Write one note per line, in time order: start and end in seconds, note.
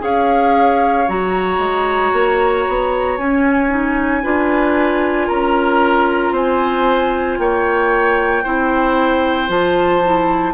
0.00 1.08 C#4
0.00 1.05 G#4
0.00 4.24 C#5
0.00 1.09 F5
1.09 1.59 F#3
1.09 3.19 F#4
1.09 3.18 A#5
1.59 2.12 G#3
2.13 2.66 A#3
2.69 3.18 B3
3.18 4.24 C#4
3.18 3.70 C#4
3.18 5.29 G#5
3.70 4.23 D#4
4.23 5.30 D4
4.23 8.45 F4
4.23 5.28 B4
5.28 6.32 C#4
5.28 6.33 A#4
5.28 6.34 A#5
6.32 7.37 C4
6.32 7.38 C5
6.32 7.39 G#5
7.39 8.45 A#3
7.39 8.44 C#5
7.39 9.50 G5
8.44 9.49 C4
8.44 9.49 E4
8.44 10.54 C5
9.49 10.54 F3
9.49 10.01 F4
9.49 10.54 A5
10.05 10.54 E4